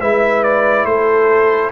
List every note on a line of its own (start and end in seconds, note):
0.00 0.84 G#3
0.00 1.72 E4
0.00 0.86 B4
0.00 0.43 E5
0.43 0.85 D5
0.84 1.70 A3
0.84 1.72 A4
0.84 1.71 C5